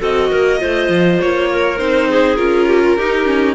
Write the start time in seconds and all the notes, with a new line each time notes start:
0.00 C4 F#4 A4 D#5
0.30 A#3 A#4
0.59 A3 F4 C5
0.89 F3
1.21 A#3 C#5
1.51 A#4
1.78 C4 D#4 C5
2.09 G#4
2.36 C#4 F4 A#4
2.67 G4
2.83 F4
2.97 D#4 G4
3.25 C#4